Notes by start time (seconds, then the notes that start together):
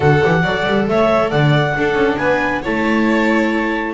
0.00 D3 F#4 A4 F#5
0.23 E3 G4
0.42 F#3 A4 D5
0.66 G3
0.88 A3 C#5 E5
1.30 D3 D5 F#5
1.75 D4 A4
1.94 C#4
2.17 B3 B4 G#5
2.61 A3 E4 C#5 A5